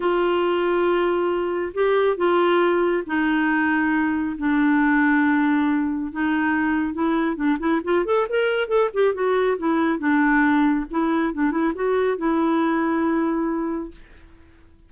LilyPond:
\new Staff \with { instrumentName = "clarinet" } { \time 4/4 \tempo 4 = 138 f'1 | g'4 f'2 dis'4~ | dis'2 d'2~ | d'2 dis'2 |
e'4 d'8 e'8 f'8 a'8 ais'4 | a'8 g'8 fis'4 e'4 d'4~ | d'4 e'4 d'8 e'8 fis'4 | e'1 | }